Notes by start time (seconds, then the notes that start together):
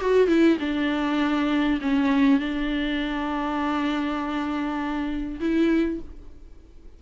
0.00 F#4
0.27 E4
0.59 D4
1.81 C#4
2.39 D4
5.39 E4